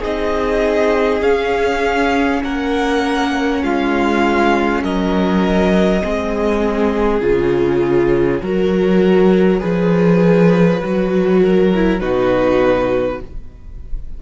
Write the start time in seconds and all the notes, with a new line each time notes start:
0.00 C4 D#4 G#4 D#5
1.21 C#4 F5
2.44 A#3 A#4 F#5
3.63 G#3 F4 F5
4.83 F#3 A#4 D#5
6.03 G#3 C4 G#4
7.21 C#3 F4 C#5
8.42 F#3 F#4 A#4
9.59 F3 G#4 B4
10.82 F#3 F#4
11.42 A#4
11.75 E4
12.00 B2 D#4 F#4 B4